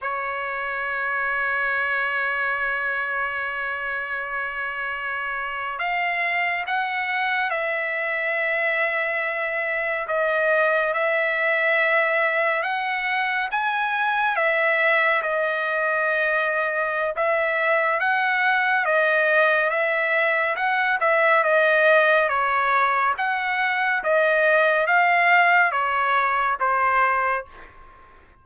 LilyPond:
\new Staff \with { instrumentName = "trumpet" } { \time 4/4 \tempo 4 = 70 cis''1~ | cis''2~ cis''8. f''4 fis''16~ | fis''8. e''2. dis''16~ | dis''8. e''2 fis''4 gis''16~ |
gis''8. e''4 dis''2~ dis''16 | e''4 fis''4 dis''4 e''4 | fis''8 e''8 dis''4 cis''4 fis''4 | dis''4 f''4 cis''4 c''4 | }